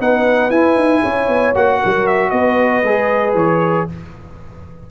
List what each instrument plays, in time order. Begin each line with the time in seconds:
0.00 tuba B3, trombone D#4, horn B4, trumpet F#5
0.50 tuba E4, trombone E4, trumpet G#5
0.76 tuba D#4
1.02 tuba C#4, horn C#5
1.28 tuba B3
1.55 tuba A#3, trombone F#4, trumpet F#5
1.80 tuba F#3, horn A#4
2.07 trumpet E5
2.30 tuba B3, horn B4, trumpet D#5
2.83 tuba G#3, trombone G#4
3.34 tuba E3, trumpet C#5